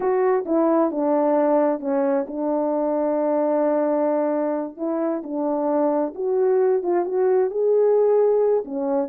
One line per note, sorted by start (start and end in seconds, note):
0.00 0.44 F#4
0.45 0.91 E4
0.91 1.80 D4
1.80 2.25 C#4
2.27 4.76 D4
4.76 5.22 E4
5.23 6.14 D4
6.14 6.82 F#4
6.82 7.05 F4
7.05 7.50 F#4
7.50 8.64 G#4
8.64 9.08 C#4